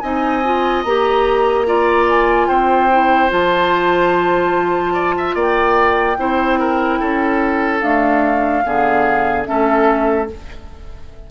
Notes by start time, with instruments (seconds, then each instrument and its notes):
0.00 bassoon C4, clarinet D#4, oboe D#5, flute G#5
0.44 clarinet F4
0.83 bassoon A#3, clarinet G4, flute A#5
1.66 clarinet F4, oboe D5
2.09 flute G#5
2.48 bassoon C4, oboe C5, flute G5
2.91 clarinet E4
3.29 bassoon F3, clarinet F4, flute A5
4.93 oboe D5
5.17 oboe E5
5.35 bassoon A#3, oboe D5, flute G5
6.18 bassoon C4, clarinet E4, oboe C5
6.60 oboe A#4
7.00 bassoon C#4, oboe A4
7.81 clarinet A3, bassoon D4, flute F5
8.65 bassoon D3, clarinet B3, oboe G#4
9.45 bassoon A3, clarinet C#4, oboe A4, flute E5